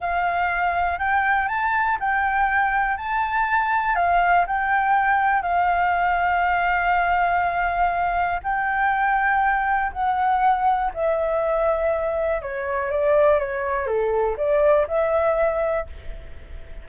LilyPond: \new Staff \with { instrumentName = "flute" } { \time 4/4 \tempo 4 = 121 f''2 g''4 a''4 | g''2 a''2 | f''4 g''2 f''4~ | f''1~ |
f''4 g''2. | fis''2 e''2~ | e''4 cis''4 d''4 cis''4 | a'4 d''4 e''2 | }